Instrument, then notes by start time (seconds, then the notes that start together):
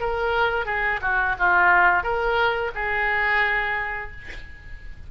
oboe
0.00 A#4
0.66 G#4
1.02 F#4
1.39 F4
2.03 A#4
2.75 G#4